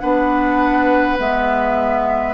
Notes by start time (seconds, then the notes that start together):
0.00 B3 D4 B4 F#5
1.18 G#3 B3 E5